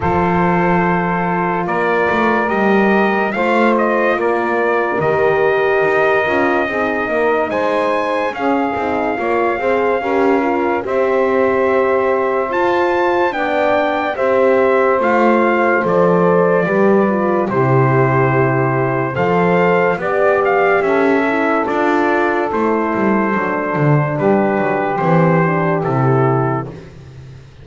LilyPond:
<<
  \new Staff \with { instrumentName = "trumpet" } { \time 4/4 \tempo 4 = 72 c''2 d''4 dis''4 | f''8 dis''8 d''4 dis''2~ | dis''4 gis''4 f''2~ | f''4 e''2 a''4 |
g''4 e''4 f''4 d''4~ | d''4 c''2 f''4 | d''8 f''8 e''4 d''4 c''4~ | c''4 b'4 c''4 a'4 | }
  \new Staff \with { instrumentName = "saxophone" } { \time 4/4 a'2 ais'2 | c''4 ais'2. | gis'8 ais'8 c''4 gis'4 cis''8 c''8 | ais'4 c''2. |
d''4 c''2. | b'4 g'2 c''4 | d''4 a'2.~ | a'4 g'2. | }
  \new Staff \with { instrumentName = "horn" } { \time 4/4 f'2. g'4 | f'2 g'4. f'8 | dis'2 cis'8 dis'8 f'8 gis'8 | g'8 f'8 g'2 f'4 |
d'4 g'4 f'4 a'4 | g'8 f'8 e'2 a'4 | g'4. e'8 f'4 e'4 | d'2 c'8 d'8 e'4 | }
  \new Staff \with { instrumentName = "double bass" } { \time 4/4 f2 ais8 a8 g4 | a4 ais4 dis4 dis'8 cis'8 | c'8 ais8 gis4 cis'8 c'8 ais8 c'8 | cis'4 c'2 f'4 |
b4 c'4 a4 f4 | g4 c2 f4 | b4 cis'4 d'4 a8 g8 | fis8 d8 g8 fis8 e4 c4 | }
>>